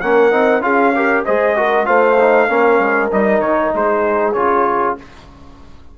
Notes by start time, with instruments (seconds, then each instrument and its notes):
0.00 bassoon A#3, trombone C#4, horn A#4, trumpet F#5
0.31 bassoon C4, trombone D#4
0.61 bassoon C#4, trombone F4, horn G#4, trumpet F5
0.94 trombone G4, horn A#4
1.25 bassoon G#3, trombone G#4, horn C5, trumpet D#5
1.56 trombone F#4, horn A#4
1.85 bassoon A3, trombone F4, horn C5, trumpet F5
2.19 trombone D#4
2.48 bassoon A#3, trombone C#4, horn A#4
2.78 bassoon G#3
3.11 bassoon G3, trombone D#4, trumpet D#5
3.39 bassoon D#3, trumpet C#5
3.74 bassoon G#3, horn G#4, trumpet C5
4.33 bassoon C#3, trombone F4, trumpet C#5